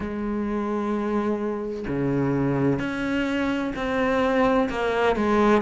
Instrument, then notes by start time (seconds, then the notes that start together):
cello
0.00 G#3
1.87 C#3
2.79 C#4
3.75 C4
4.69 A#3
5.16 G#3